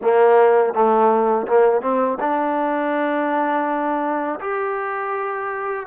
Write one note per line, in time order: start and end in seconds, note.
0.01 0.73 A#3
0.73 1.46 A3
1.47 1.81 A#3
1.81 2.18 C4
2.20 4.39 D4
4.40 5.86 G4